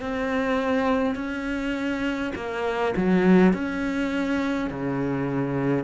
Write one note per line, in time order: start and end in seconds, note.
0.00 1.15 C4
1.15 2.33 C#4
2.35 2.94 A#3
2.96 3.53 F#3
3.53 4.70 C#4
4.70 5.84 C#3